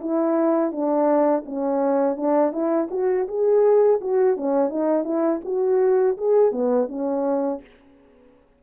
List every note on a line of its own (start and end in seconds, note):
0.00 0.72 E4
0.72 1.44 D4
1.46 2.17 C#4
2.17 2.52 D4
2.52 2.88 E4
2.91 3.27 F#4
3.28 4.00 G#4
4.01 4.36 F#4
4.36 4.70 C#4
4.70 5.04 D#4
5.04 5.40 E4
5.45 6.17 F#4
6.17 6.52 G#4
6.52 6.88 B3
6.88 7.61 C#4